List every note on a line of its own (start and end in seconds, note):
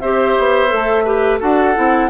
0.00 0.37 C4
0.00 0.69 G4
0.00 1.04 C5
0.00 1.40 E5
0.39 0.73 B3
0.69 1.42 A3
0.69 1.03 A4
1.04 1.40 G4
1.04 1.39 B4
1.40 1.76 D4
1.40 1.75 F#4
1.40 2.10 A4
1.40 2.10 F#5
1.75 2.10 C4
1.75 2.10 E4